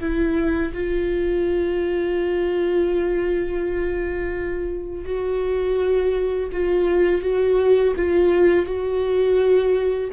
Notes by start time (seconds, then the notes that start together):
0.00 E4
0.73 F4
5.04 F#4
6.52 F4
7.22 F#4
7.96 F4
8.65 F#4